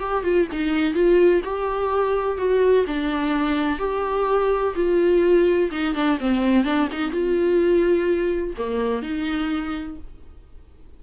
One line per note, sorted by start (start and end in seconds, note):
0.00 0.24 G4
0.24 0.48 F4
0.52 0.94 D#4
0.94 1.42 F4
1.44 2.38 G4
2.38 2.85 F#4
2.87 3.79 D4
3.79 4.74 G4
4.75 5.71 F4
5.71 5.95 D#4
5.95 6.19 D4
6.20 6.65 C4
6.65 6.89 D4
6.92 7.11 D#4
7.11 8.54 F4
8.58 9.03 A#3
9.03 9.98 D#4